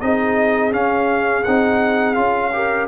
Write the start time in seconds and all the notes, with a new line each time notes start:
0.00 C4 D#4 G#4 D#5
0.71 C#4 F5
1.43 C4 D#4 F#5
2.14 C#4 F4 F5
2.52 G4 A#4